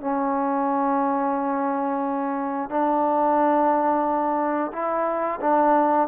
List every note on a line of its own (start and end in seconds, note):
0.00 2.69 C#4
2.69 4.72 D4
4.72 5.40 E4
5.40 6.08 D4